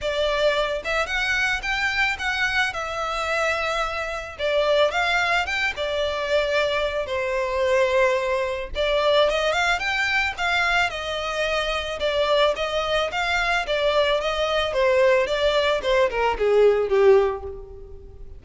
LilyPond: \new Staff \with { instrumentName = "violin" } { \time 4/4 \tempo 4 = 110 d''4. e''8 fis''4 g''4 | fis''4 e''2. | d''4 f''4 g''8 d''4.~ | d''4 c''2. |
d''4 dis''8 f''8 g''4 f''4 | dis''2 d''4 dis''4 | f''4 d''4 dis''4 c''4 | d''4 c''8 ais'8 gis'4 g'4 | }